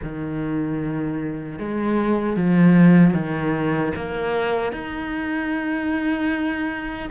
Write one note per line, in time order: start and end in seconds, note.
0.02 1.59 D#3
1.59 2.36 G#3
2.36 3.13 F3
3.13 3.92 D#3
3.95 4.72 A#3
4.72 7.09 D#4